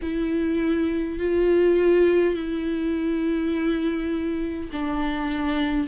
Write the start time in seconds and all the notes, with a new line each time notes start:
0.02 E4
1.19 F4
2.34 E4
4.72 D4